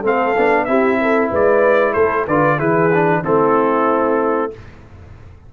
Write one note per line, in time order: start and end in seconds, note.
0.00 0.36 A3
0.00 0.35 C4
0.00 0.64 A4
0.00 0.64 F5
0.36 0.67 B3
0.36 0.67 D4
0.64 1.31 C4
0.64 2.27 E4
0.64 1.00 G4
0.64 1.28 E5
1.01 1.30 A4
1.30 1.95 G#3
1.30 1.93 B4
1.30 1.93 D5
1.93 2.27 A3
1.93 2.25 A4
1.93 2.25 C5
2.27 2.59 D3
2.27 2.58 F4
2.27 2.57 B4
2.27 2.59 D5
2.57 3.22 E3
2.57 2.90 E4
2.57 3.21 G#4
2.57 3.23 B4
2.93 3.23 D4
3.23 4.53 A3
3.23 4.51 C4
3.23 4.50 E4
3.23 4.51 A4